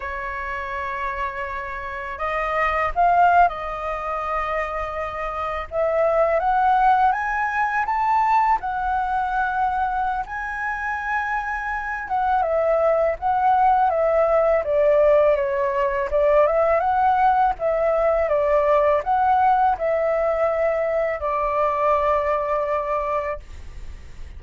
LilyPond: \new Staff \with { instrumentName = "flute" } { \time 4/4 \tempo 4 = 82 cis''2. dis''4 | f''8. dis''2. e''16~ | e''8. fis''4 gis''4 a''4 fis''16~ | fis''2 gis''2~ |
gis''8 fis''8 e''4 fis''4 e''4 | d''4 cis''4 d''8 e''8 fis''4 | e''4 d''4 fis''4 e''4~ | e''4 d''2. | }